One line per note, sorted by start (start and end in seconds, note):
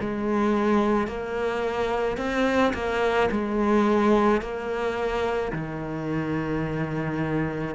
0.00 1.07 G#3
1.07 2.17 A#3
2.17 2.72 C4
2.73 3.29 A#3
3.31 4.41 G#3
4.41 5.52 A#3
5.52 7.74 D#3